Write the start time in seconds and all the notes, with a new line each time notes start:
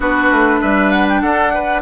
0.00 B3 D4 F#4 B4
0.31 A3
0.60 G3 B4 E5
0.91 F#5
1.09 G5
1.21 D4 A4 F#5
1.54 B4